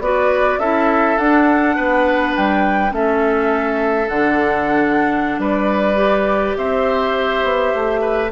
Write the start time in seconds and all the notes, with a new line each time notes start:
0.00 B3 F#4 B4 D5
0.59 C#4 E4 A4 E5
1.18 D4 F#5
1.76 B3 B4
2.36 G3 G5
2.90 A3 C#4 A4 E5
4.09 D3 D4 F#5
5.39 G3 B4 D5
5.96 G4
6.57 C4 C5 E5
7.44 B3
7.75 A3
8.01 B4